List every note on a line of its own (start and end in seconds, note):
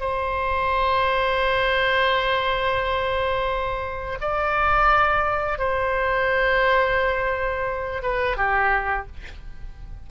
0.00 4.19 C5
4.21 5.58 D5
5.58 8.02 C5
8.03 8.37 B4
8.37 9.07 G4